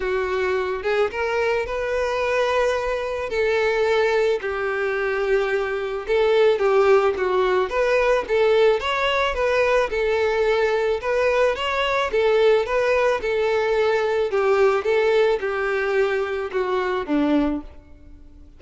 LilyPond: \new Staff \with { instrumentName = "violin" } { \time 4/4 \tempo 4 = 109 fis'4. gis'8 ais'4 b'4~ | b'2 a'2 | g'2. a'4 | g'4 fis'4 b'4 a'4 |
cis''4 b'4 a'2 | b'4 cis''4 a'4 b'4 | a'2 g'4 a'4 | g'2 fis'4 d'4 | }